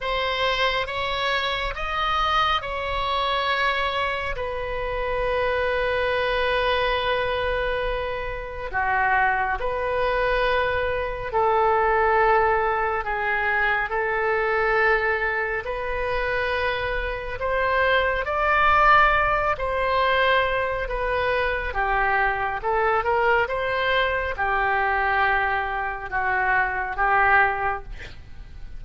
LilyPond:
\new Staff \with { instrumentName = "oboe" } { \time 4/4 \tempo 4 = 69 c''4 cis''4 dis''4 cis''4~ | cis''4 b'2.~ | b'2 fis'4 b'4~ | b'4 a'2 gis'4 |
a'2 b'2 | c''4 d''4. c''4. | b'4 g'4 a'8 ais'8 c''4 | g'2 fis'4 g'4 | }